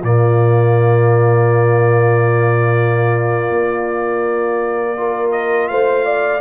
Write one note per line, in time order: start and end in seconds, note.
0.00 3.50 A#2
0.00 4.97 A#3
0.00 4.94 F4
0.00 5.32 D5
3.50 5.70 A#3
4.97 6.41 F4
4.97 5.71 A#4
5.32 5.68 D#5
5.68 6.41 A3
5.68 6.05 C5
5.68 6.41 F5
6.05 6.41 D5